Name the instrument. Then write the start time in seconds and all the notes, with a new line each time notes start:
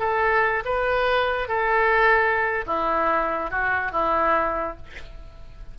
oboe
0.00 A4
0.65 B4
1.49 A4
2.67 E4
3.51 F#4
3.92 E4